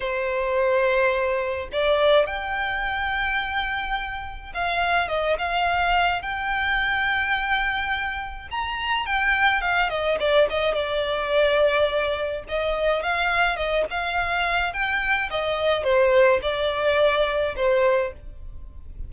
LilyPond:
\new Staff \with { instrumentName = "violin" } { \time 4/4 \tempo 4 = 106 c''2. d''4 | g''1 | f''4 dis''8 f''4. g''4~ | g''2. ais''4 |
g''4 f''8 dis''8 d''8 dis''8 d''4~ | d''2 dis''4 f''4 | dis''8 f''4. g''4 dis''4 | c''4 d''2 c''4 | }